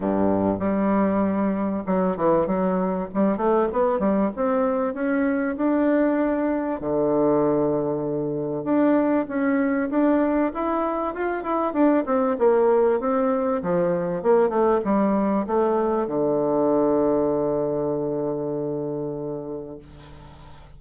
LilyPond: \new Staff \with { instrumentName = "bassoon" } { \time 4/4 \tempo 4 = 97 g,4 g2 fis8 e8 | fis4 g8 a8 b8 g8 c'4 | cis'4 d'2 d4~ | d2 d'4 cis'4 |
d'4 e'4 f'8 e'8 d'8 c'8 | ais4 c'4 f4 ais8 a8 | g4 a4 d2~ | d1 | }